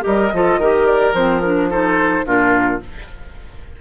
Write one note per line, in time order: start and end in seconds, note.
0.00 0.28 G4
0.00 0.33 A#4
0.00 0.85 D#5
0.06 0.32 G3
0.32 0.58 F3
0.32 0.61 F4
0.32 0.59 A4
0.58 1.13 D#3
0.58 1.14 G4
0.58 1.69 A#4
0.85 1.13 D5
1.13 2.24 F3
1.13 1.42 C4
1.13 1.40 C5
1.40 1.71 D4
1.40 1.68 A#4
1.70 2.25 D#4
1.70 2.25 A4
1.70 2.25 C5
2.25 2.81 A#2
2.25 2.80 D4
2.25 2.81 F4
2.25 2.80 A#4